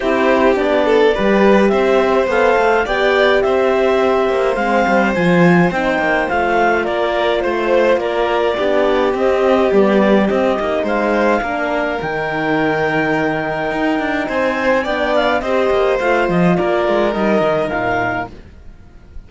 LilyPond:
<<
  \new Staff \with { instrumentName = "clarinet" } { \time 4/4 \tempo 4 = 105 c''4 d''2 e''4 | f''4 g''4 e''2 | f''4 gis''4 g''4 f''4 | d''4 c''4 d''2 |
dis''4 d''4 dis''4 f''4~ | f''4 g''2.~ | g''4 gis''4 g''8 f''8 dis''4 | f''8 dis''8 d''4 dis''4 f''4 | }
  \new Staff \with { instrumentName = "violin" } { \time 4/4 g'4. a'8 b'4 c''4~ | c''4 d''4 c''2~ | c''1 | ais'4 c''4 ais'4 g'4~ |
g'2. c''4 | ais'1~ | ais'4 c''4 d''4 c''4~ | c''4 ais'2. | }
  \new Staff \with { instrumentName = "horn" } { \time 4/4 e'4 d'4 g'2 | a'4 g'2. | c'4 f'4 dis'4 f'4~ | f'2. d'4 |
c'4 b4 c'8 dis'4. | d'4 dis'2.~ | dis'2 d'4 g'4 | f'2 dis'2 | }
  \new Staff \with { instrumentName = "cello" } { \time 4/4 c'4 b4 g4 c'4 | b8 a8 b4 c'4. ais8 | gis8 g8 f4 c'8 ais8 a4 | ais4 a4 ais4 b4 |
c'4 g4 c'8 ais8 gis4 | ais4 dis2. | dis'8 d'8 c'4 b4 c'8 ais8 | a8 f8 ais8 gis8 g8 dis8 ais,4 | }
>>